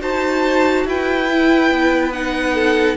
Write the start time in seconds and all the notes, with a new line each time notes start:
0.00 D#4 F#4 C5 A5
0.86 E4 B4 G5
1.28 E4
1.71 B3
2.12 D#4 F#5
2.54 A4